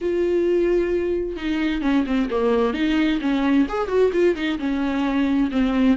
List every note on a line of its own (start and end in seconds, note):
0.01 1.36 F4
1.36 1.81 D#4
1.81 2.04 C#4
2.06 2.29 C4
2.30 2.73 A#3
2.73 3.19 D#4
3.21 3.66 C#4
3.68 3.88 G#4
3.88 4.11 F#4
4.12 4.35 F4
4.35 4.58 D#4
4.59 5.50 C#4
5.51 5.97 C4